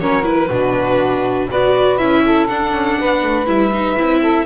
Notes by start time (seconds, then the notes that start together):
0.00 F#3 C#4 A#4 C#5
0.23 E4 B4
0.50 B2 D4 F#4
1.49 B3 F#4 B4 D5
1.98 C#4 E4 E5
2.25 A4
2.48 D4 F#5
2.72 C#4
2.99 B3 B4
3.23 A3
3.46 G3 E4 E5
3.73 D#4
3.97 C4 E4
4.21 A4